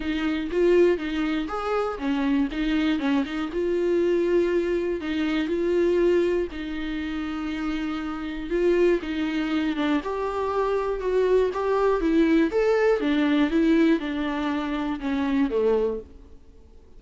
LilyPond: \new Staff \with { instrumentName = "viola" } { \time 4/4 \tempo 4 = 120 dis'4 f'4 dis'4 gis'4 | cis'4 dis'4 cis'8 dis'8 f'4~ | f'2 dis'4 f'4~ | f'4 dis'2.~ |
dis'4 f'4 dis'4. d'8 | g'2 fis'4 g'4 | e'4 a'4 d'4 e'4 | d'2 cis'4 a4 | }